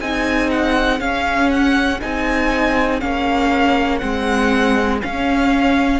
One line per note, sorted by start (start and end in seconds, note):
0.00 1.00 C4
0.00 0.99 D#4
0.00 6.00 G#4
0.00 0.50 G#5
0.50 1.00 F#5
0.99 1.99 C#4
0.99 2.00 C#4
0.99 1.50 F5
1.50 2.00 F#5
2.01 3.01 C4
2.01 3.01 D#4
2.01 3.00 G#5
3.00 4.01 A#3
3.00 4.00 C#4
3.00 3.98 F5
3.98 5.02 G#3
3.98 5.00 C4
3.98 4.98 F#5
5.01 6.00 C#4
5.01 6.00 F5